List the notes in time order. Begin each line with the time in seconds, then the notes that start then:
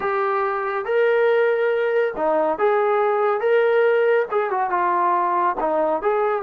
0.00 G4
0.85 A#4
2.16 D#4
2.58 G#4
3.40 A#4
4.31 G#4
4.50 F#4
4.69 F4
5.59 D#4
6.02 G#4